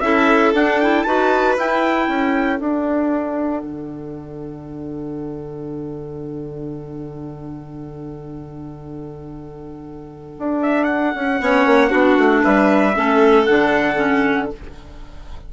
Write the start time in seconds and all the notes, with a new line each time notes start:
0.00 C#4 E4 A4 E5
0.53 D4 F#5
0.80 E4 G5
1.03 D#4 F#4 B4 A5
1.57 E4 G5
2.08 C#4 A4
2.59 D4 F#5
3.62 D3
10.38 D4
10.62 E5
10.84 F#5
11.14 C#4
11.40 B3 C#4 C#5
11.65 A#3
11.89 B3 D4 F#4
12.17 A3
12.43 G3 B4 E5
12.95 A3 C#4 A4
13.45 D3 D4 F#5
13.96 C#4